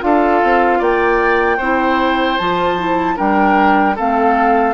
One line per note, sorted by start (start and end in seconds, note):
0.00 0.43 D4
0.00 1.58 F4
0.00 0.79 A4
0.00 0.82 F5
0.44 0.80 C4
0.79 1.59 A#3
0.79 1.58 D5
0.79 2.38 G5
1.58 2.38 C4
1.58 2.40 E4
1.58 3.16 C5
2.38 3.19 F3
2.38 2.79 F4
2.38 3.17 A5
2.79 3.17 E4
3.17 3.98 G3
3.17 3.96 D4
3.17 3.96 A#4
3.17 3.97 G5
3.96 4.75 A3
3.96 4.75 C4
3.96 4.75 A4
3.96 4.75 F5